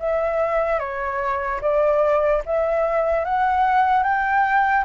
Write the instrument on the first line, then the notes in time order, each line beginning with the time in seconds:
flute
0.00 E5
0.79 C#5
1.62 D5
2.46 E5
3.25 F#5
4.04 G5